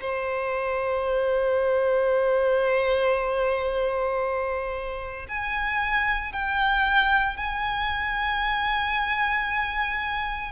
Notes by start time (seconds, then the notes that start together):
0.00 C5
5.28 G#5
6.32 G5
7.37 G#5